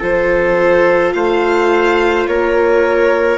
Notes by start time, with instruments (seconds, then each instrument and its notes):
0.00 bassoon F3, viola F4, trumpet A4, violin C5
1.14 bassoon A3, trumpet C5, violin F5
2.28 bassoon A#3, trumpet A#4, violin C#5